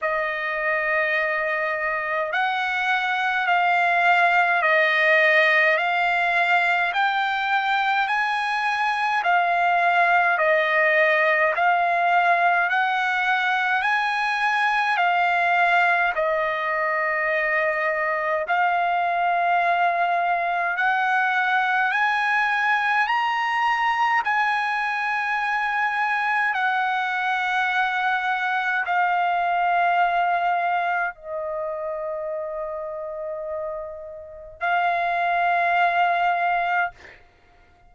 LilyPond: \new Staff \with { instrumentName = "trumpet" } { \time 4/4 \tempo 4 = 52 dis''2 fis''4 f''4 | dis''4 f''4 g''4 gis''4 | f''4 dis''4 f''4 fis''4 | gis''4 f''4 dis''2 |
f''2 fis''4 gis''4 | ais''4 gis''2 fis''4~ | fis''4 f''2 dis''4~ | dis''2 f''2 | }